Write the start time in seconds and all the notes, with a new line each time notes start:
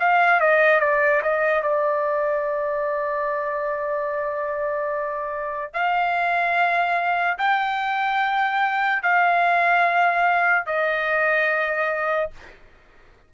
0.00 F5
0.40 D#5
0.80 D5
1.23 D#5
1.63 D5
5.74 F5
7.39 G5
9.03 F5
10.66 D#5